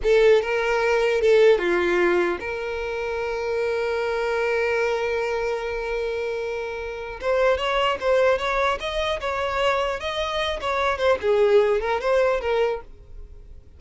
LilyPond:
\new Staff \with { instrumentName = "violin" } { \time 4/4 \tempo 4 = 150 a'4 ais'2 a'4 | f'2 ais'2~ | ais'1~ | ais'1~ |
ais'2 c''4 cis''4 | c''4 cis''4 dis''4 cis''4~ | cis''4 dis''4. cis''4 c''8 | gis'4. ais'8 c''4 ais'4 | }